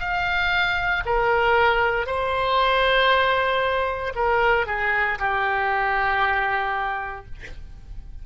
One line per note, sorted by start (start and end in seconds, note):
0.00 1.03 F5
1.06 2.06 A#4
2.06 4.13 C5
4.15 4.67 A#4
4.67 5.19 G#4
5.19 7.26 G4